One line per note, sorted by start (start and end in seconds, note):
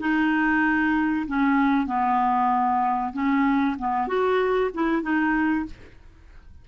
0.00 1.26 D#4
1.27 1.87 C#4
1.87 3.13 B3
3.13 3.77 C#4
3.79 4.08 B3
4.08 4.71 F#4
4.74 5.03 E4
5.03 5.66 D#4